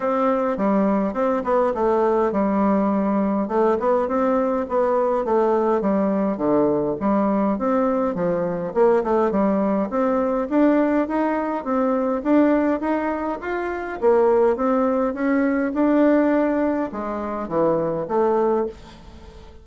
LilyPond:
\new Staff \with { instrumentName = "bassoon" } { \time 4/4 \tempo 4 = 103 c'4 g4 c'8 b8 a4 | g2 a8 b8 c'4 | b4 a4 g4 d4 | g4 c'4 f4 ais8 a8 |
g4 c'4 d'4 dis'4 | c'4 d'4 dis'4 f'4 | ais4 c'4 cis'4 d'4~ | d'4 gis4 e4 a4 | }